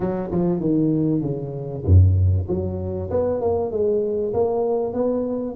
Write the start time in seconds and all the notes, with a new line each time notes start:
0.00 F#3
0.31 F3
0.59 D#3
1.21 C#3
1.85 F#2
2.48 F#3
3.10 B3
3.40 A#3
3.71 G#3
4.33 A#3
4.93 B3